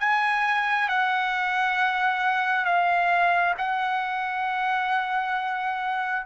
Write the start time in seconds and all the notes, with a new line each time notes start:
0.00 G#5
0.89 F#5
2.65 F5
3.58 F#5